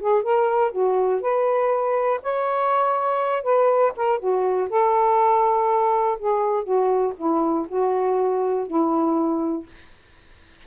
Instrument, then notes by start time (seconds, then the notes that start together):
saxophone
0.00 G#4
0.23 A#4
0.72 F#4
1.21 B4
2.22 C#5
3.43 B4
3.96 A#4
4.19 F#4
4.69 A4
6.19 G#4
6.63 F#4
7.17 E4
7.68 F#4
8.67 E4